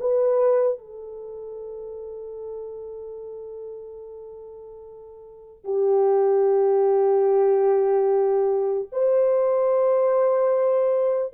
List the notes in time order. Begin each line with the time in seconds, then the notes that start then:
0.00 B4
0.79 A4
5.65 G4
8.92 C5